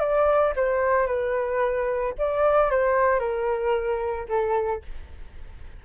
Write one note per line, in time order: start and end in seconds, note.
0.00 0.54 D5
0.56 1.07 C5
1.07 2.14 B4
2.19 2.71 D5
2.71 3.20 C5
3.20 4.27 A#4
4.29 4.82 A4